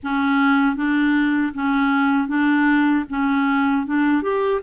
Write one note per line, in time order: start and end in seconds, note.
0.03 0.76 C#4
0.76 1.52 D4
1.54 2.28 C#4
2.28 3.05 D4
3.09 3.86 C#4
3.86 4.22 D4
4.22 4.60 G4